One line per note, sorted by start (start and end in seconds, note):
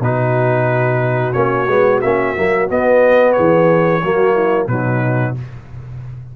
0.00 1.33 B2
0.00 1.34 D#4
0.00 3.36 F#4
0.00 1.33 B4
1.33 1.68 A#3
1.33 1.67 C#4
1.33 2.00 C#5
1.68 2.01 G#3
1.68 2.02 B3
2.02 2.37 A#3
2.02 2.36 C#4
2.02 2.68 E5
2.36 2.70 F#3
2.36 2.68 A#3
2.68 4.02 B3
2.68 3.37 B3
2.68 3.33 D#5
3.33 4.02 G#4
3.33 4.66 C#5
3.39 4.04 E3
4.04 4.68 F#3
4.04 4.69 A#3
4.04 4.34 F#4
4.34 4.67 E4
4.68 5.34 B2
4.68 5.36 F#3
4.68 5.37 D#4
4.68 5.35 B4